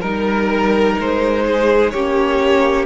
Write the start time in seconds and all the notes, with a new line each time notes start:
0.00 G3 D#4 A#4
0.98 G#3 C5
1.45 G#4
1.90 A#3 C#4 G4 C#5